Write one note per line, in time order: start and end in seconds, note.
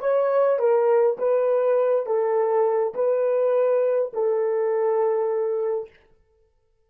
0.00 0.59 C#5
0.59 1.17 A#4
1.18 2.06 B4
2.06 2.94 A4
2.94 4.12 B4
4.13 5.90 A4